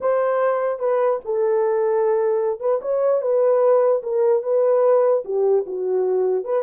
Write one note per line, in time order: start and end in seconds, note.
0.00 0.79 C5
0.79 1.19 B4
1.24 2.60 A4
2.60 2.80 B4
2.81 3.21 C#5
3.21 4.02 B4
4.02 4.42 A#4
4.42 5.23 B4
5.24 5.64 G4
5.66 6.44 F#4
6.44 6.63 B4